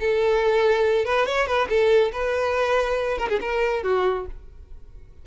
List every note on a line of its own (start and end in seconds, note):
0.00 1.05 A4
1.05 1.26 B4
1.26 1.47 C#5
1.47 1.68 B4
1.69 2.12 A4
2.12 3.18 B4
3.18 3.29 A#4
3.29 3.40 G#4
3.41 3.83 A#4
3.83 4.26 F#4